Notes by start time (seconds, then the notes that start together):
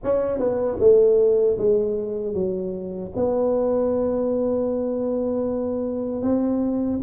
0.03 C#4
0.39 B3
0.79 A3
1.58 G#3
2.33 F#3
3.16 B3
6.22 C4